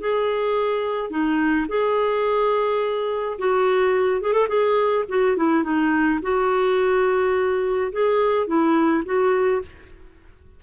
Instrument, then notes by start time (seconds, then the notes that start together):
clarinet
0.00 G#4
1.10 D#4
1.68 G#4
3.38 F#4
4.21 G#4
4.33 A4
4.48 G#4
5.08 F#4
5.36 E4
5.63 D#4
6.22 F#4
7.92 G#4
8.47 E4
9.05 F#4